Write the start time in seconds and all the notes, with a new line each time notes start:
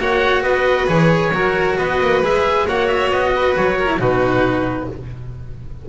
0.00 A#3 F#4 C#5 F#5
0.43 B3 B4 D#5
0.87 E3 G#4 C#5
1.33 F#3 F#4 A#4
1.78 B3 B4 D#5
2.01 A#3
2.22 G#3 G#4 E5
2.67 A#3 F#4 C#5 F#5
2.88 E5
3.11 B3 D#5
3.36 B4
3.56 F#3 C#5
3.78 A#4
3.87 E4
3.99 B2 D#4 F#4 B4